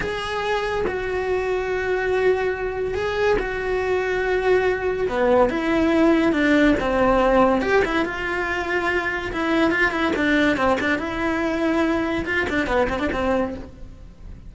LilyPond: \new Staff \with { instrumentName = "cello" } { \time 4/4 \tempo 4 = 142 gis'2 fis'2~ | fis'2. gis'4 | fis'1 | b4 e'2 d'4 |
c'2 g'8 e'8 f'4~ | f'2 e'4 f'8 e'8 | d'4 c'8 d'8 e'2~ | e'4 f'8 d'8 b8 c'16 d'16 c'4 | }